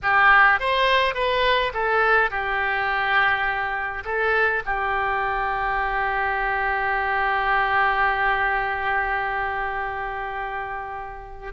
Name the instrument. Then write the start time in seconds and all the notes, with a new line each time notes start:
oboe
0.02 G4
0.59 C5
1.14 B4
1.73 A4
2.30 G4
4.05 A4
4.65 G4